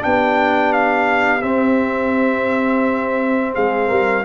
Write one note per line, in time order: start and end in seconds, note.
0.00 1.43 B3
0.00 1.41 D4
0.00 3.54 G4
0.00 0.73 G5
0.73 1.42 F5
1.42 4.24 C4
1.42 3.55 C4
1.42 3.54 E5
3.54 3.90 G#3
3.54 3.88 G#4
3.54 4.25 F5
3.88 4.25 G3
3.88 4.23 A#4